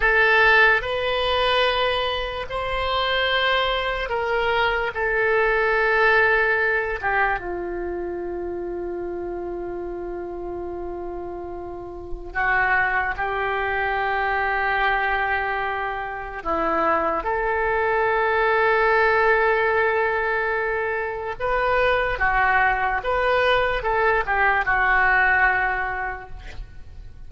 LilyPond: \new Staff \with { instrumentName = "oboe" } { \time 4/4 \tempo 4 = 73 a'4 b'2 c''4~ | c''4 ais'4 a'2~ | a'8 g'8 f'2.~ | f'2. fis'4 |
g'1 | e'4 a'2.~ | a'2 b'4 fis'4 | b'4 a'8 g'8 fis'2 | }